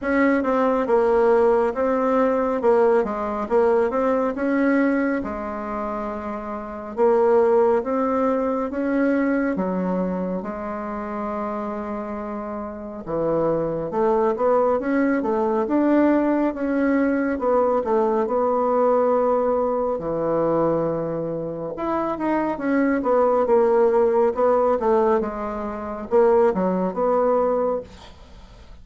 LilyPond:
\new Staff \with { instrumentName = "bassoon" } { \time 4/4 \tempo 4 = 69 cis'8 c'8 ais4 c'4 ais8 gis8 | ais8 c'8 cis'4 gis2 | ais4 c'4 cis'4 fis4 | gis2. e4 |
a8 b8 cis'8 a8 d'4 cis'4 | b8 a8 b2 e4~ | e4 e'8 dis'8 cis'8 b8 ais4 | b8 a8 gis4 ais8 fis8 b4 | }